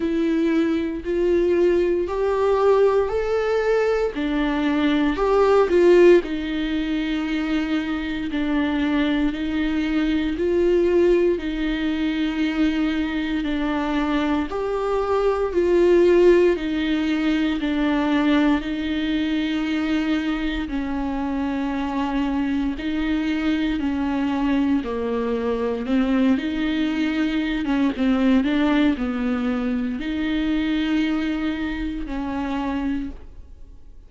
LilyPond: \new Staff \with { instrumentName = "viola" } { \time 4/4 \tempo 4 = 58 e'4 f'4 g'4 a'4 | d'4 g'8 f'8 dis'2 | d'4 dis'4 f'4 dis'4~ | dis'4 d'4 g'4 f'4 |
dis'4 d'4 dis'2 | cis'2 dis'4 cis'4 | ais4 c'8 dis'4~ dis'16 cis'16 c'8 d'8 | b4 dis'2 cis'4 | }